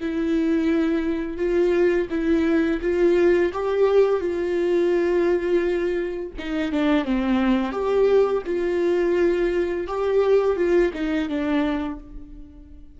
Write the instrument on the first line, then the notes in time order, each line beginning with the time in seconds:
viola
0.00 E4
1.37 F4
2.10 E4
2.81 F4
3.53 G4
4.20 F4
6.38 D#4
6.72 D4
7.05 C4
7.72 G4
8.46 F4
9.87 G4
10.56 F4
10.93 D#4
11.28 D4